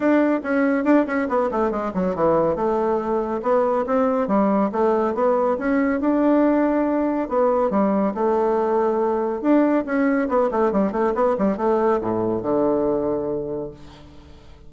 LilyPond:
\new Staff \with { instrumentName = "bassoon" } { \time 4/4 \tempo 4 = 140 d'4 cis'4 d'8 cis'8 b8 a8 | gis8 fis8 e4 a2 | b4 c'4 g4 a4 | b4 cis'4 d'2~ |
d'4 b4 g4 a4~ | a2 d'4 cis'4 | b8 a8 g8 a8 b8 g8 a4 | a,4 d2. | }